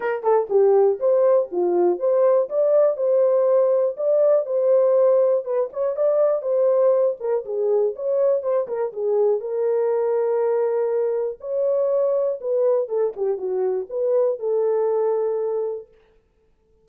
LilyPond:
\new Staff \with { instrumentName = "horn" } { \time 4/4 \tempo 4 = 121 ais'8 a'8 g'4 c''4 f'4 | c''4 d''4 c''2 | d''4 c''2 b'8 cis''8 | d''4 c''4. ais'8 gis'4 |
cis''4 c''8 ais'8 gis'4 ais'4~ | ais'2. cis''4~ | cis''4 b'4 a'8 g'8 fis'4 | b'4 a'2. | }